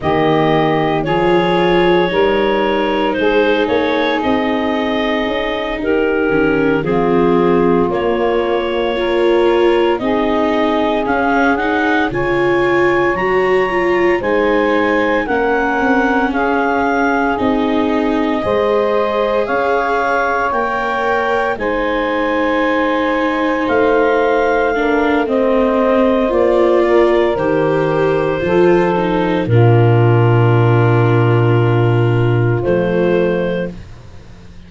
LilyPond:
<<
  \new Staff \with { instrumentName = "clarinet" } { \time 4/4 \tempo 4 = 57 dis''4 cis''2 c''8 cis''8 | dis''4. ais'4 gis'4 cis''8~ | cis''4. dis''4 f''8 fis''8 gis''8~ | gis''8 ais''4 gis''4 fis''4 f''8~ |
f''8 dis''2 f''4 g''8~ | g''8 gis''2 f''4. | dis''4 d''4 c''2 | ais'2. c''4 | }
  \new Staff \with { instrumentName = "saxophone" } { \time 4/4 g'4 gis'4 ais'4 gis'4~ | gis'4. g'4 f'4.~ | f'8 ais'4 gis'2 cis''8~ | cis''4. c''4 ais'4 gis'8~ |
gis'4. c''4 cis''4.~ | cis''8 c''2. ais'8 | c''4. ais'4. a'4 | f'1 | }
  \new Staff \with { instrumentName = "viola" } { \time 4/4 ais4 f'4 dis'2~ | dis'2 cis'8 c'4 ais8~ | ais8 f'4 dis'4 cis'8 dis'8 f'8~ | f'8 fis'8 f'8 dis'4 cis'4.~ |
cis'8 dis'4 gis'2 ais'8~ | ais'8 dis'2. d'8 | c'4 f'4 g'4 f'8 dis'8 | d'2. a4 | }
  \new Staff \with { instrumentName = "tuba" } { \time 4/4 dis4 f4 g4 gis8 ais8 | c'4 cis'8 dis'8 dis8 f4 ais8~ | ais4. c'4 cis'4 cis8~ | cis8 fis4 gis4 ais8 c'8 cis'8~ |
cis'8 c'4 gis4 cis'4 ais8~ | ais8 gis2 a4.~ | a4 ais4 dis4 f4 | ais,2. f4 | }
>>